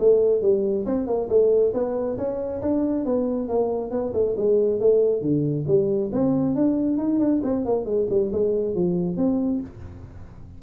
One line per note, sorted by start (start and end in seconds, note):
0.00 0.42 A3
0.42 0.86 G3
0.86 1.07 C4
1.07 1.29 A#3
1.30 1.73 A3
1.74 2.18 B3
2.18 2.62 C#4
2.62 3.06 D4
3.06 3.49 B3
3.49 3.91 A#3
3.91 4.13 B3
4.14 4.36 A3
4.37 4.80 G#3
4.80 5.22 A3
5.22 5.66 D3
5.68 6.11 G3
6.13 6.56 C4
6.56 6.98 D4
6.98 7.20 D#4
7.20 7.42 D4
7.44 7.66 C4
7.66 7.86 A#3
7.86 8.07 G#3
8.10 8.32 G3
8.33 8.75 G#3
8.75 9.17 F3
9.17 9.61 C4